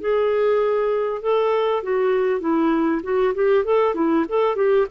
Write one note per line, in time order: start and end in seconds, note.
0.00 1.22 G#4
1.22 1.83 A4
1.83 2.40 F#4
2.40 3.01 E4
3.03 3.34 F#4
3.35 3.64 G4
3.64 3.95 A4
3.95 4.25 E4
4.28 4.56 A4
4.56 4.86 G4